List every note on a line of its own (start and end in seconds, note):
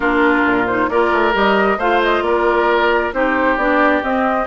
0.00 0.42 A#3
0.00 0.67 D4
0.00 0.89 F4
0.00 0.66 A#4
0.45 0.89 A#2
0.66 0.90 D#4
0.66 0.88 C5
0.88 1.11 A#3
0.88 1.33 F4
0.88 1.78 A#4
0.88 1.33 D5
1.12 1.34 A3
1.33 1.77 G3
1.33 1.77 G4
1.33 1.79 D#5
1.77 2.21 A3
1.77 3.13 F4
1.77 2.23 C5
1.77 2.02 F5
2.03 2.22 D#5
2.21 3.11 A#3
2.21 3.14 A#4
2.21 3.12 D5
3.12 3.57 C4
3.12 3.58 D#4
3.12 4.47 G4
3.12 3.57 C5
3.57 4.02 B3
3.57 4.03 D4
3.57 4.02 D5
4.02 4.47 C4
4.02 4.47 D#5